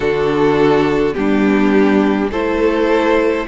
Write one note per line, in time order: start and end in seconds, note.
0.00 1.14 D3
0.00 1.13 D4
0.00 1.15 F#4
0.00 1.14 A4
1.13 2.31 G3
1.13 2.28 B3
1.13 2.30 D4
1.13 2.29 G4
2.30 3.46 A3
2.30 3.47 E4
2.30 3.45 A4
2.30 3.47 C5